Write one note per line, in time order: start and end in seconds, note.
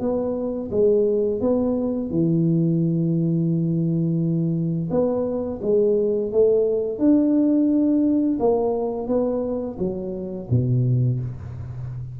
0.00 0.70 B3
0.71 1.41 G#3
1.41 2.11 B3
2.11 4.90 E3
4.91 5.60 B3
5.62 6.32 G#3
6.32 6.99 A3
6.99 8.38 D4
8.39 9.07 A#3
9.07 9.77 B3
9.79 10.48 F#3
10.50 11.20 B2